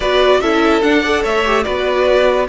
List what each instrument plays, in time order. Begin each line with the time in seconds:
0.00 cello B3, viola F#4, violin B4 D5
0.40 cello C#4, viola E4, violin A4 E5
0.81 viola D4, cello D4, violin F#5
1.01 viola A4, violin D5
1.22 cello A3, violin C#5 E5
1.45 viola G4
1.63 cello B3, viola F#4, violin B4 D5